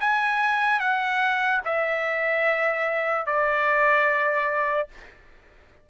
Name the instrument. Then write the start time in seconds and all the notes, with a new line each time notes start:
trumpet
0.00 G#5
0.80 F#5
1.65 E5
3.26 D5